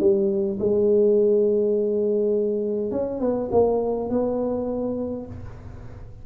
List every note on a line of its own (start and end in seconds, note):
0.00 0.58 G3
0.60 2.91 G#3
2.91 3.20 C#4
3.20 3.49 B3
3.52 4.10 A#3
4.10 5.26 B3